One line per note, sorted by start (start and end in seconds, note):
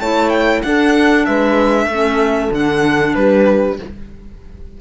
0.00 0.63 A3
0.00 0.65 E4
0.00 0.63 C#5
0.00 0.30 A5
0.30 0.61 G5
0.63 1.27 D4
0.63 1.92 D4
0.63 1.28 A4
0.63 1.26 F#5
1.26 1.87 G#3
1.26 1.86 B4
1.26 2.52 E5
1.86 2.50 A3
1.86 2.53 C#4
1.86 3.13 A4
2.51 3.15 D3
2.51 3.79 D4
2.51 3.15 F#5
3.15 3.79 G3
3.15 3.81 G4
3.15 3.78 B4